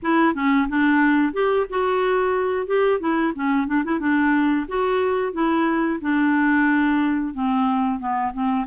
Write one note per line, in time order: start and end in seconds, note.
0.02 0.34 E4
0.34 0.68 C#4
0.68 1.33 D4
1.33 1.66 G4
1.69 2.66 F#4
2.66 2.99 G4
2.99 3.33 E4
3.35 3.67 C#4
3.67 3.83 D4
3.84 3.99 E4
3.99 4.66 D4
4.68 5.32 F#4
5.32 5.99 E4
6.01 7.33 D4
7.33 7.99 C4
7.99 8.32 B3
8.33 8.66 C4